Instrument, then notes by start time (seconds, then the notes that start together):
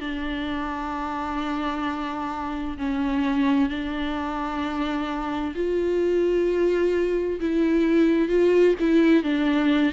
viola
0.00 D4
2.78 C#4
3.69 D4
5.55 F4
7.40 E4
8.28 F4
8.79 E4
9.23 D4